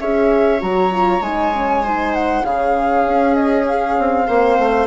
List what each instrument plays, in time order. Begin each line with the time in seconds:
0.00 bassoon C#4, horn G#4, viola C#5, flute E5
0.60 bassoon F#3, horn F#4, flute A#5
0.91 horn F4
1.21 bassoon G#3, horn D#4, flute G#5
1.53 horn C#4
1.84 horn D#4, viola C5
2.14 flute F#5
2.44 bassoon C#3, horn C#4, viola G#4, flute F5
3.07 bassoon C#4
3.35 flute D#5
3.68 flute F5
3.99 bassoon C4
4.27 bassoon A#3, horn C4, viola C5
4.59 bassoon A3